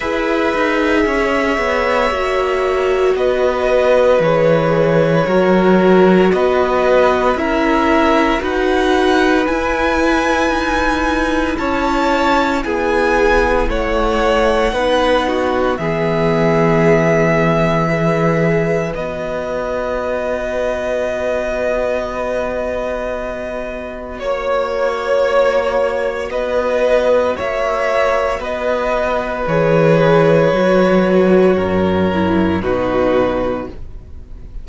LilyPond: <<
  \new Staff \with { instrumentName = "violin" } { \time 4/4 \tempo 4 = 57 e''2. dis''4 | cis''2 dis''4 e''4 | fis''4 gis''2 a''4 | gis''4 fis''2 e''4~ |
e''2 dis''2~ | dis''2. cis''4~ | cis''4 dis''4 e''4 dis''4 | cis''2. b'4 | }
  \new Staff \with { instrumentName = "violin" } { \time 4/4 b'4 cis''2 b'4~ | b'4 ais'4 b'4 ais'4 | b'2. cis''4 | gis'4 cis''4 b'8 fis'8 gis'4~ |
gis'4 b'2.~ | b'2. cis''4~ | cis''4 b'4 cis''4 b'4~ | b'2 ais'4 fis'4 | }
  \new Staff \with { instrumentName = "viola" } { \time 4/4 gis'2 fis'2 | gis'4 fis'2 e'4 | fis'4 e'2.~ | e'2 dis'4 b4~ |
b4 gis'4 fis'2~ | fis'1~ | fis'1 | gis'4 fis'4. e'8 dis'4 | }
  \new Staff \with { instrumentName = "cello" } { \time 4/4 e'8 dis'8 cis'8 b8 ais4 b4 | e4 fis4 b4 cis'4 | dis'4 e'4 dis'4 cis'4 | b4 a4 b4 e4~ |
e2 b2~ | b2. ais4~ | ais4 b4 ais4 b4 | e4 fis4 fis,4 b,4 | }
>>